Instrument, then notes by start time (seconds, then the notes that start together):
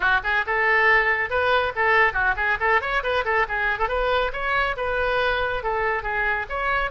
oboe
0.00 F#4
0.23 G#4
0.46 A4
1.29 B4
1.75 A4
2.13 F#4
2.36 G#4
2.60 A4
2.81 C#5
3.03 B4
3.25 A4
3.48 G#4
3.78 A4
3.88 B4
4.33 C#5
4.77 B4
5.63 A4
6.02 G#4
6.49 C#5